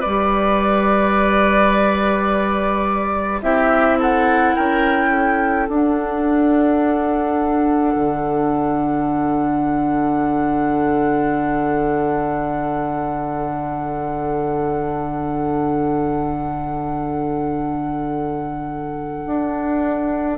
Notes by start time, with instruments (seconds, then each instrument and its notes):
0.00 bassoon G3, clarinet G4, oboe B4, flute D5
3.42 bassoon C4, clarinet E4, oboe G4, flute E5
3.99 oboe A4, flute F#5
4.56 bassoon C#4, oboe A#4, flute G5
5.11 oboe A4
5.69 bassoon D4, clarinet D4, flute F#5
7.96 bassoon D3
19.27 bassoon D4